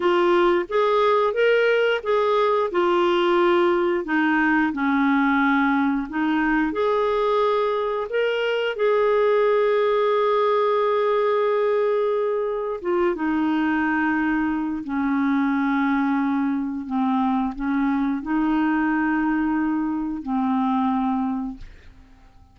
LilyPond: \new Staff \with { instrumentName = "clarinet" } { \time 4/4 \tempo 4 = 89 f'4 gis'4 ais'4 gis'4 | f'2 dis'4 cis'4~ | cis'4 dis'4 gis'2 | ais'4 gis'2.~ |
gis'2. f'8 dis'8~ | dis'2 cis'2~ | cis'4 c'4 cis'4 dis'4~ | dis'2 c'2 | }